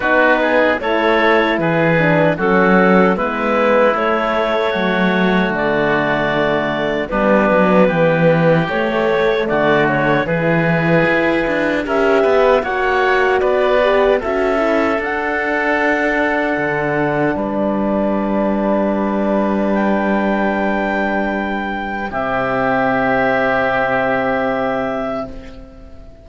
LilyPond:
<<
  \new Staff \with { instrumentName = "clarinet" } { \time 4/4 \tempo 4 = 76 b'4 cis''4 b'4 a'4 | b'4 cis''2 d''4~ | d''4 b'2 cis''4 | d''8 cis''8 b'2 e''4 |
fis''4 d''4 e''4 fis''4~ | fis''2 d''2~ | d''4 g''2. | e''1 | }
  \new Staff \with { instrumentName = "oboe" } { \time 4/4 fis'8 gis'8 a'4 gis'4 fis'4 | e'2 fis'2~ | fis'4 d'4 g'2 | fis'4 gis'2 ais'8 b'8 |
cis''4 b'4 a'2~ | a'2 b'2~ | b'1 | g'1 | }
  \new Staff \with { instrumentName = "horn" } { \time 4/4 dis'4 e'4. d'8 cis'4 | b4 a2.~ | a4 b2 a4~ | a4 e'2 g'4 |
fis'4. g'8 fis'8 e'8 d'4~ | d'1~ | d'1 | c'1 | }
  \new Staff \with { instrumentName = "cello" } { \time 4/4 b4 a4 e4 fis4 | gis4 a4 fis4 d4~ | d4 g8 fis8 e4 a4 | d4 e4 e'8 d'8 cis'8 b8 |
ais4 b4 cis'4 d'4~ | d'4 d4 g2~ | g1 | c1 | }
>>